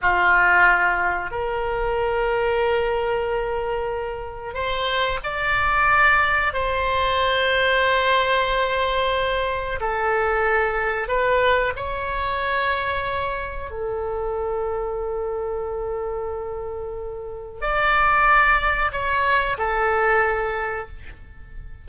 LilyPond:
\new Staff \with { instrumentName = "oboe" } { \time 4/4 \tempo 4 = 92 f'2 ais'2~ | ais'2. c''4 | d''2 c''2~ | c''2. a'4~ |
a'4 b'4 cis''2~ | cis''4 a'2.~ | a'2. d''4~ | d''4 cis''4 a'2 | }